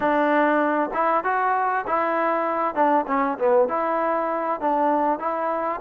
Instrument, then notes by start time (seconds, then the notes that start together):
trombone
0.00 D4
0.93 E4
1.24 F#4
1.86 E4
2.74 D4
3.07 C#4
3.38 B3
3.68 E4
4.60 D4
5.19 E4